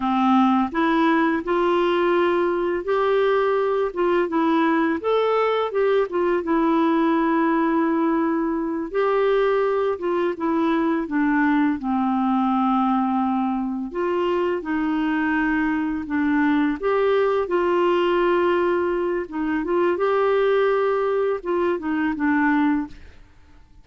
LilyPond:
\new Staff \with { instrumentName = "clarinet" } { \time 4/4 \tempo 4 = 84 c'4 e'4 f'2 | g'4. f'8 e'4 a'4 | g'8 f'8 e'2.~ | e'8 g'4. f'8 e'4 d'8~ |
d'8 c'2. f'8~ | f'8 dis'2 d'4 g'8~ | g'8 f'2~ f'8 dis'8 f'8 | g'2 f'8 dis'8 d'4 | }